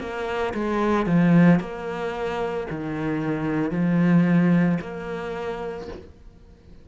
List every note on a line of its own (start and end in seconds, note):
0.00 0.54 A#3
0.54 1.07 G#3
1.07 1.60 F3
1.60 2.67 A#3
2.71 3.72 D#3
3.72 4.78 F3
4.81 5.88 A#3